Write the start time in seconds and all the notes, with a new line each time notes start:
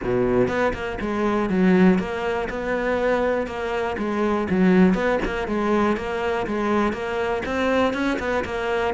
0.03 B2
0.48 B3
0.73 A#3
1.00 G#3
1.49 F#3
1.98 A#3
2.49 B3
3.47 A#3
3.97 G#3
4.50 F#3
4.94 B3
5.24 A#3
5.47 G#3
5.96 A#3
6.47 G#3
6.92 A#3
7.45 C4
7.93 C#4
8.19 B3
8.44 A#3